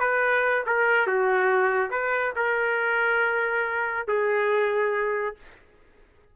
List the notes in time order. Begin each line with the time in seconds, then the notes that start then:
0.00 B4
0.67 A#4
1.07 F#4
1.91 B4
2.36 A#4
4.08 G#4